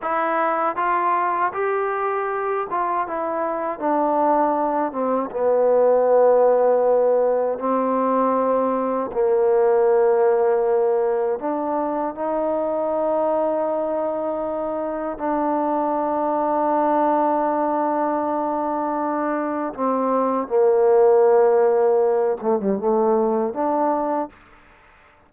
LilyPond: \new Staff \with { instrumentName = "trombone" } { \time 4/4 \tempo 4 = 79 e'4 f'4 g'4. f'8 | e'4 d'4. c'8 b4~ | b2 c'2 | ais2. d'4 |
dis'1 | d'1~ | d'2 c'4 ais4~ | ais4. a16 g16 a4 d'4 | }